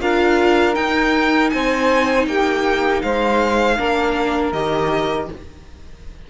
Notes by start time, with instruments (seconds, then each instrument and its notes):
0.00 cello D4, viola F4, saxophone A#4, violin F5
0.74 viola D#4, cello D#4, violin G5
1.50 cello C4, saxophone C5, violin G#5
2.26 cello A#3, saxophone G4, violin G5
3.02 cello G#3, saxophone C5, violin F5
3.77 cello A#3, viola D4, saxophone A#4
4.52 cello D#3, viola G4, violin D#5